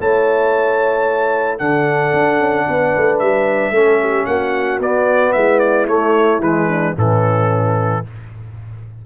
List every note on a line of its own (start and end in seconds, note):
0.00 1.61 A3
0.00 1.60 E4
0.00 1.58 C#5
0.00 1.59 A5
1.58 2.13 D3
1.58 3.74 D4
1.58 2.65 A4
1.58 3.19 F#5
2.13 2.40 D4
2.40 2.67 C#4
2.68 2.96 B3
2.68 3.74 B4
2.97 3.22 A3
3.19 3.71 G3
3.19 4.26 E5
3.71 4.25 A3
3.71 4.81 C#4
3.71 4.01 A4
4.01 4.28 G4
4.26 4.80 A#3
4.26 5.35 F#4
4.26 4.79 F#5
4.80 5.33 B3
4.80 5.89 B3
4.80 5.33 D5
5.33 5.88 G#3
5.33 6.68 E4
5.33 5.59 E5
5.60 5.86 D5
5.88 6.40 A3
5.88 6.42 A3
5.88 6.42 C#5
6.40 6.94 E3
6.40 6.97 G#3
6.40 6.96 B4
6.68 6.95 D4
6.96 8.04 A2
6.96 8.04 E3
6.96 8.03 C#4
6.96 8.06 A4